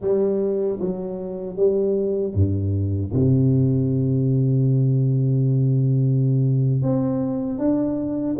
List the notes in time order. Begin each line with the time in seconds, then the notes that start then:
0.01 G3
0.80 F#3
1.56 G3
2.34 G2
3.13 C3
6.82 C4
7.58 D4